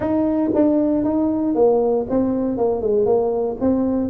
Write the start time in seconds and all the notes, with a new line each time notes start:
0.00 D#4
0.54 D4
1.04 D#4
1.55 A#3
2.09 C4
2.57 A#3
2.81 G#3
3.05 A#3
3.60 C4